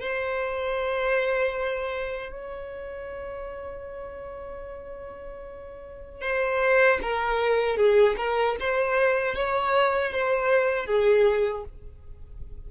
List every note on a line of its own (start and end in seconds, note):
0.00 2.32 C5
2.32 6.21 C#5
6.21 6.99 C5
7.02 7.77 A#4
7.77 8.16 G#4
8.17 8.56 A#4
8.60 9.35 C5
9.35 10.12 C#5
10.12 10.86 C5
10.86 11.64 G#4